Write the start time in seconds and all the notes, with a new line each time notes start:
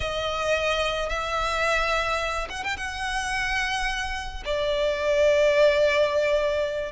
0.00 D#5
1.09 E5
2.49 F#5
2.63 G5
2.77 F#5
4.45 D5